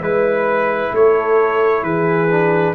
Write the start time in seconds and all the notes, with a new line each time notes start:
0.00 G#3 E4 B4
0.92 A3 A4 C#5
1.82 E3 G#4 B4
2.30 D4